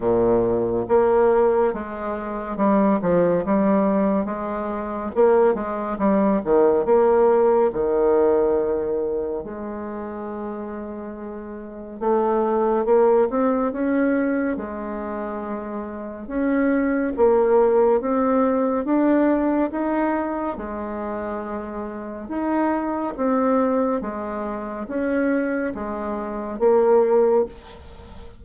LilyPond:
\new Staff \with { instrumentName = "bassoon" } { \time 4/4 \tempo 4 = 70 ais,4 ais4 gis4 g8 f8 | g4 gis4 ais8 gis8 g8 dis8 | ais4 dis2 gis4~ | gis2 a4 ais8 c'8 |
cis'4 gis2 cis'4 | ais4 c'4 d'4 dis'4 | gis2 dis'4 c'4 | gis4 cis'4 gis4 ais4 | }